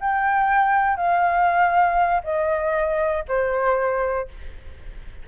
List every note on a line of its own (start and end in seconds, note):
0.00 0.96 G5
0.96 2.21 F5
2.23 3.23 D#5
3.28 4.28 C5